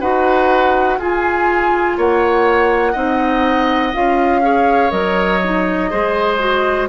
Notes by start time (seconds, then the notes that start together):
0.00 D#4 F#4 B4 F#5
0.98 F4 G#4 G#5
1.97 A#3 C#5 F#5
2.92 C4 D#4 D#5
3.93 C#4 F4 F5
4.42 G#4 C#5
4.90 F#3 A#4 D#5
5.43 D#4
5.90 G#3 G#4 C5
6.38 F#4